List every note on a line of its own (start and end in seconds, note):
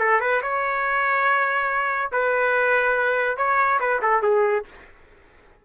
0.00 0.21 A4
0.21 0.42 B4
0.42 2.11 C#5
2.12 3.38 B4
3.38 3.80 C#5
3.80 4.02 B4
4.03 4.23 A4
4.23 4.65 G#4